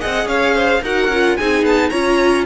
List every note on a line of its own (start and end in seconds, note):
0.00 0.25 C4
0.00 0.82 G#4
0.00 0.28 D#5
0.00 0.28 F#5
0.25 0.80 C#4
0.25 0.55 C#5
0.25 0.82 F5
0.55 0.82 C5
0.82 1.07 D#4
0.82 1.11 F#4
0.82 1.37 A#4
0.82 1.37 F#5
1.07 1.35 C#4
1.07 1.39 F4
1.37 1.63 C4
1.37 1.92 D#4
1.37 1.90 G#4
1.37 1.64 G#5
1.63 1.90 B3
1.63 1.90 A5
1.90 2.46 C#4
1.90 2.46 F4
1.90 2.45 C#5
1.90 2.44 A#5